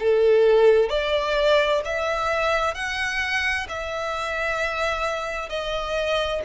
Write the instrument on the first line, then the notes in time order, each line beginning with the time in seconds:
violin
0.00 A4
0.89 D5
1.85 E5
2.74 F#5
3.69 E5
5.49 D#5